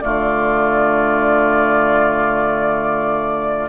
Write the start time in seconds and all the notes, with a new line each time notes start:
0.00 D3 A3 F4 D5